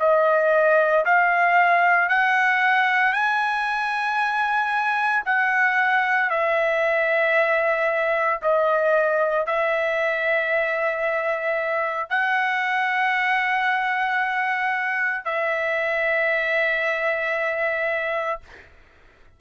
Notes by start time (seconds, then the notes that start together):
0.00 D#5
1.05 F5
2.09 F#5
3.13 G#5
5.25 F#5
6.31 E5
8.43 D#5
9.46 E5
12.10 F#5
15.25 E5